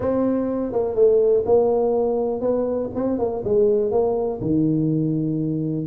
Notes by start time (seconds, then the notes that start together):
0.00 C4
0.72 A#3
0.95 A3
1.45 A#3
2.40 B3
2.94 C4
3.18 A#3
3.44 G#3
3.91 A#3
4.41 D#3